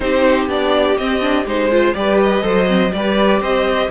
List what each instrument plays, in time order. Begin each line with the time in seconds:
0.00 cello C4, viola D#4, violin G4 C5
0.47 cello B3, viola D4, violin D5
0.97 viola C4, cello C4, violin D#5
1.20 viola D4
1.45 cello G#3, viola D#4, violin C5
1.70 viola F4, violin C5
1.94 cello G3, viola G4, violin B4 D5
2.22 violin D#5
2.42 cello F#3, viola A4, violin C5
2.67 viola C4
2.93 cello G3, viola G4, violin B4 D5
3.40 cello C4, violin C5 D#5